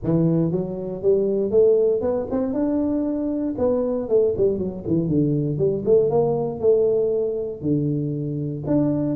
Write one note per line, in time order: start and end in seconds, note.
0.03 0.51 E3
0.51 1.02 F#3
1.02 1.50 G3
1.50 2.01 A3
2.01 2.26 B3
2.30 2.53 C4
2.53 3.54 D4
3.58 4.08 B3
4.08 4.34 A3
4.37 4.58 G3
4.58 4.83 F#3
4.87 5.08 E3
5.08 5.57 D3
5.57 5.83 G3
5.85 6.10 A3
6.10 6.60 A#3
6.60 7.61 A3
7.61 8.63 D3
8.66 9.15 D4